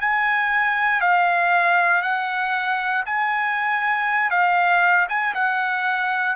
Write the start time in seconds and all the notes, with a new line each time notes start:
0.00 G#5
1.01 F5
2.02 F#5
3.06 G#5
4.30 F5
5.08 G#5
5.34 F#5